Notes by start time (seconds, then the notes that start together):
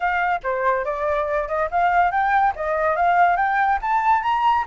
0.00 F5
0.43 C5
0.84 D5
1.48 D#5
1.70 F5
2.11 G5
2.55 D#5
2.96 F5
3.36 G5
3.81 A5
4.22 A#5